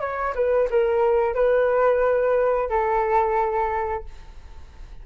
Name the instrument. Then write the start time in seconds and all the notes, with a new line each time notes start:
flute
0.00 C#5
0.35 B4
0.70 A#4
1.35 B4
2.69 A4